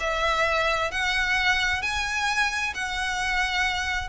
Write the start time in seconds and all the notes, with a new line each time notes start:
0.00 E5
0.91 F#5
1.82 G#5
2.74 F#5